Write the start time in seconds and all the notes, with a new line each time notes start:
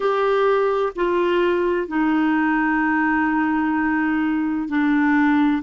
0.00 G4
0.95 F4
1.87 D#4
4.68 D4